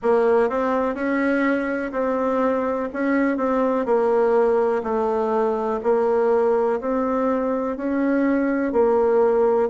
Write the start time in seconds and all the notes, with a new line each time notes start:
0.02 A#3
0.49 C4
0.95 C#4
1.91 C4
2.93 C#4
3.37 C4
3.85 A#3
4.83 A3
5.83 A#3
6.80 C4
7.76 C#4
8.72 A#3